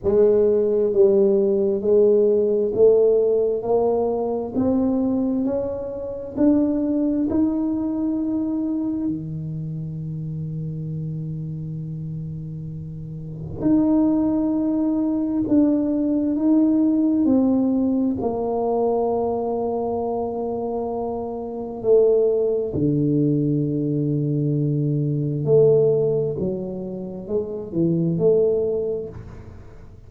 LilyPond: \new Staff \with { instrumentName = "tuba" } { \time 4/4 \tempo 4 = 66 gis4 g4 gis4 a4 | ais4 c'4 cis'4 d'4 | dis'2 dis2~ | dis2. dis'4~ |
dis'4 d'4 dis'4 c'4 | ais1 | a4 d2. | a4 fis4 gis8 e8 a4 | }